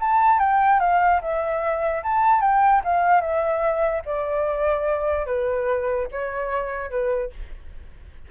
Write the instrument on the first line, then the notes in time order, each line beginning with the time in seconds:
flute
0.00 A5
0.39 G5
0.80 F5
1.21 E5
2.03 A5
2.41 G5
2.84 F5
3.21 E5
4.05 D5
5.26 B4
6.11 C#5
6.90 B4